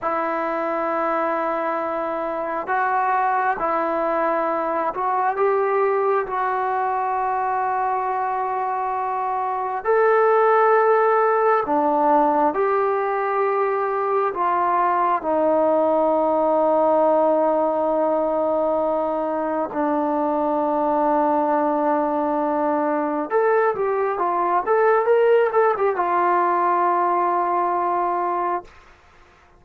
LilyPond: \new Staff \with { instrumentName = "trombone" } { \time 4/4 \tempo 4 = 67 e'2. fis'4 | e'4. fis'8 g'4 fis'4~ | fis'2. a'4~ | a'4 d'4 g'2 |
f'4 dis'2.~ | dis'2 d'2~ | d'2 a'8 g'8 f'8 a'8 | ais'8 a'16 g'16 f'2. | }